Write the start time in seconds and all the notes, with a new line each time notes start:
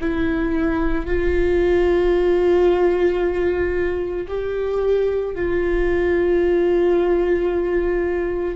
0.00 E4
1.06 F4
4.28 G4
5.35 F4